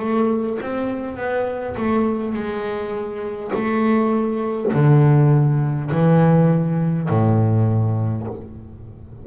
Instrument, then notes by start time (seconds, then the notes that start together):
double bass
0.00 A3
0.62 C4
1.18 B3
1.77 A3
2.34 G#3
3.55 A3
4.74 D3
5.92 E3
7.10 A2